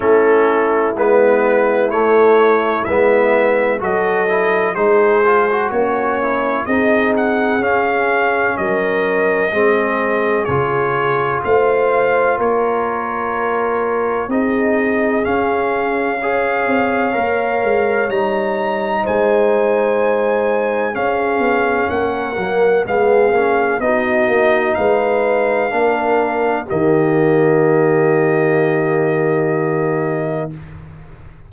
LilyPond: <<
  \new Staff \with { instrumentName = "trumpet" } { \time 4/4 \tempo 4 = 63 a'4 b'4 cis''4 e''4 | dis''4 c''4 cis''4 dis''8 fis''8 | f''4 dis''2 cis''4 | f''4 cis''2 dis''4 |
f''2. ais''4 | gis''2 f''4 fis''4 | f''4 dis''4 f''2 | dis''1 | }
  \new Staff \with { instrumentName = "horn" } { \time 4/4 e'1 | a'4 gis'4 cis'4 gis'4~ | gis'4 ais'4 gis'2 | c''4 ais'2 gis'4~ |
gis'4 cis''2. | c''2 gis'4 ais'4 | gis'4 fis'4 b'4 ais'4 | g'1 | }
  \new Staff \with { instrumentName = "trombone" } { \time 4/4 cis'4 b4 a4 b4 | fis'8 e'8 dis'8 f'16 fis'8. e'8 dis'4 | cis'2 c'4 f'4~ | f'2. dis'4 |
cis'4 gis'4 ais'4 dis'4~ | dis'2 cis'4. ais8 | b8 cis'8 dis'2 d'4 | ais1 | }
  \new Staff \with { instrumentName = "tuba" } { \time 4/4 a4 gis4 a4 gis4 | fis4 gis4 ais4 c'4 | cis'4 fis4 gis4 cis4 | a4 ais2 c'4 |
cis'4. c'8 ais8 gis8 g4 | gis2 cis'8 b8 ais8 fis8 | gis8 ais8 b8 ais8 gis4 ais4 | dis1 | }
>>